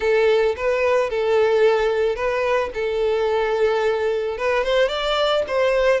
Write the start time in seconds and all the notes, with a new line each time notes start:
0.00 A4
0.56 B4
1.09 A4
2.15 B4
2.74 A4
4.37 B4
4.63 C5
4.88 D5
5.47 C5